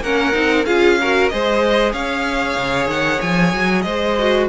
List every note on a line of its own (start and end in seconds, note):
0.00 0.32 A#3
0.00 0.33 C#4
0.00 0.66 A#4
0.00 0.64 F#5
0.33 0.66 C4
0.33 0.64 D#4
0.64 1.31 C#4
0.64 0.98 F4
0.64 0.98 G#4
0.64 1.28 F5
1.00 1.30 F#4
1.00 1.32 A#4
1.28 1.93 G#3
1.28 4.17 G#4
1.28 1.92 C5
1.28 1.92 D#5
1.92 2.56 C#4
1.92 3.83 C#5
1.92 2.88 F5
2.57 2.86 C#3
2.86 3.18 D#3
2.86 3.21 F#5
3.21 3.53 F3
3.21 3.82 G#5
3.53 3.84 F#3
3.82 4.48 G#3
3.82 4.48 C5
3.82 4.45 D#5
4.18 4.48 F#4